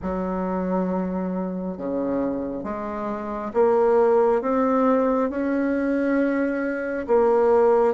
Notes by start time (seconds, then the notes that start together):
0.02 F#3
1.77 C#3
2.63 G#3
3.53 A#3
4.41 C4
5.29 C#4
7.07 A#3